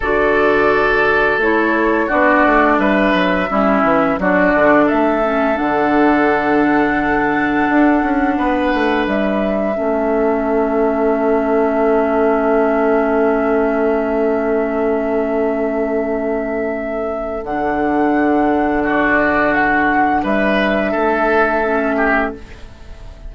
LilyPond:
<<
  \new Staff \with { instrumentName = "flute" } { \time 4/4 \tempo 4 = 86 d''2 cis''4 d''4 | e''2 d''4 e''4 | fis''1~ | fis''4 e''2.~ |
e''1~ | e''1~ | e''4 fis''2 d''4 | fis''4 e''2. | }
  \new Staff \with { instrumentName = "oboe" } { \time 4/4 a'2. fis'4 | b'4 e'4 fis'4 a'4~ | a'1 | b'2 a'2~ |
a'1~ | a'1~ | a'2. fis'4~ | fis'4 b'4 a'4. g'8 | }
  \new Staff \with { instrumentName = "clarinet" } { \time 4/4 fis'2 e'4 d'4~ | d'4 cis'4 d'4. cis'8 | d'1~ | d'2 cis'2~ |
cis'1~ | cis'1~ | cis'4 d'2.~ | d'2. cis'4 | }
  \new Staff \with { instrumentName = "bassoon" } { \time 4/4 d2 a4 b8 a8 | g8 fis8 g8 e8 fis8 d8 a4 | d2. d'8 cis'8 | b8 a8 g4 a2~ |
a1~ | a1~ | a4 d2.~ | d4 g4 a2 | }
>>